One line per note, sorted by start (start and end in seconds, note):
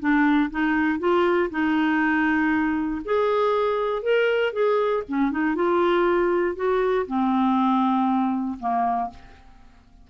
0.00 0.50 D4
0.51 1.00 D#4
1.00 1.50 F4
1.51 3.02 D#4
3.05 4.03 G#4
4.03 4.53 A#4
4.53 5.04 G#4
5.09 5.31 C#4
5.31 5.56 D#4
5.56 6.56 F4
6.56 7.07 F#4
7.07 8.58 C4
8.60 9.10 A#3